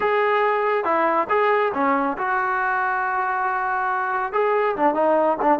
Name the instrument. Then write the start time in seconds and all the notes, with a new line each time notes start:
trombone
0.00 G#4
0.84 E4
1.29 G#4
1.74 C#4
2.17 F#4
4.32 G#4
4.76 D4
4.94 D#4
5.41 D4